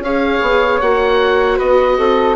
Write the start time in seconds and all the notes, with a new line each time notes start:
0.00 C#4 G#4 C#5 F5
0.42 B3
0.81 A#3 F#4 F#5
1.57 B3 B4 D#5
1.99 C4 A4